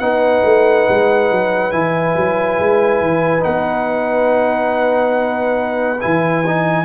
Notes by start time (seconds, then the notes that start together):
0.00 B3 D#4 B4 F#5
0.45 A3
0.89 G#3
1.31 F#3
1.71 E3 E4 G#5
2.16 F#3
2.59 G#3
3.01 E3
3.40 B3 D#4 F#5
6.01 E3 E4 G#5
6.47 D#4